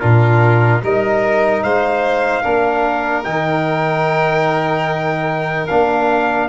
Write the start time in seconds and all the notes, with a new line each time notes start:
0.00 A#2 D4 F4 A#4
0.82 G3 D#4 A#4 D#5
1.63 G#3 C5 F5
2.42 A#3 D4 A#4
3.24 D#3 D#4 G5
5.67 A#3 D4 F5